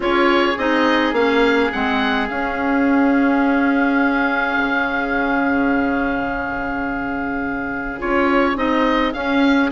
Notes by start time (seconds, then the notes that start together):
0.00 C#4 F4 G#4 C#5
0.57 C4 D#4 D#5
1.12 A#3 C#4 F5
1.72 G#3 C4 F#5
2.28 C#4 F5
4.57 C#3
7.99 C#4 F4 C#5
8.55 C4 D#4 D#5
9.13 C#4 F5